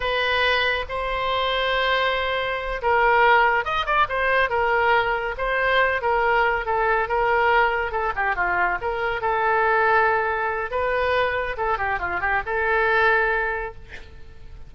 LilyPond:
\new Staff \with { instrumentName = "oboe" } { \time 4/4 \tempo 4 = 140 b'2 c''2~ | c''2~ c''8 ais'4.~ | ais'8 dis''8 d''8 c''4 ais'4.~ | ais'8 c''4. ais'4. a'8~ |
a'8 ais'2 a'8 g'8 f'8~ | f'8 ais'4 a'2~ a'8~ | a'4 b'2 a'8 g'8 | f'8 g'8 a'2. | }